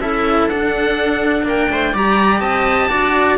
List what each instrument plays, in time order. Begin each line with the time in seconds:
0.00 cello C#4 E4, viola A4, oboe E5
0.48 cello D4, oboe F#5
1.43 cello A#3, viola A#4, oboe G5
1.70 cello A3, viola C5
1.93 cello G3 G4, viola D5, oboe A#5
2.41 cello C4, viola D#5, oboe A5
2.90 cello D4 F#4, viola D5